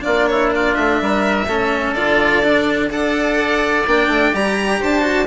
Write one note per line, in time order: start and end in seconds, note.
0.00 0.77 A#3
0.00 1.43 D4
0.00 0.28 F4
0.00 0.27 D5
0.27 0.54 E4
0.27 0.51 C#5
0.54 1.02 F4
0.54 0.75 D5
0.75 1.01 A3
0.75 1.94 E5
1.01 1.47 G3
1.01 1.47 A#4
1.47 1.94 A3
1.47 1.96 C#4
1.47 2.90 A4
1.94 2.90 D3
1.94 2.43 F4
1.94 2.89 D5
2.43 2.90 D4
2.90 3.85 D4
2.90 3.85 A4
2.90 4.80 D5
2.90 3.87 F#5
3.87 4.08 A#3
3.87 4.33 D4
3.87 4.35 G5
4.08 4.31 A3
4.33 4.81 G3
4.33 5.02 G4
4.33 4.82 A#5
4.80 5.26 D4
4.80 5.26 C5
4.80 5.26 A5
5.02 5.25 F#4